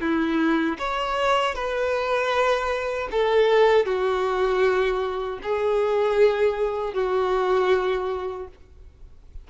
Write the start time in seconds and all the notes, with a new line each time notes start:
0.00 E4
0.78 C#5
1.54 B4
3.11 A4
3.85 F#4
5.42 G#4
6.93 F#4